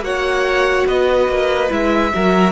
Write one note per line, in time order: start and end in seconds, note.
0.00 0.83 A#3
0.00 1.69 F#4
0.00 0.87 C#5
0.00 0.87 F#5
0.86 1.28 B3
0.86 2.12 B4
0.86 1.71 D#5
1.28 1.70 A#3
1.69 2.12 G#3
1.69 2.11 E4
1.69 2.52 E5
2.14 2.52 F#3
2.14 2.52 F#4
2.14 2.52 A#4